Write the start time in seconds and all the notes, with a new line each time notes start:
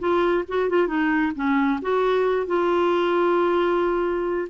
0.00 F4
0.49 F#4
0.70 F4
0.88 D#4
1.36 C#4
1.82 F#4
2.47 F4